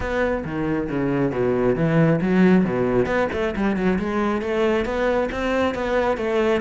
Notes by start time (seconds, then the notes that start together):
0.00 B3
0.44 D#3
0.89 C#3
1.31 B2
1.75 E3
2.21 F#3
2.64 B2
3.06 B3
3.32 A3
3.55 G3
3.76 F#3
3.98 G#3
4.41 A3
4.85 B3
5.31 C4
5.74 B3
6.17 A3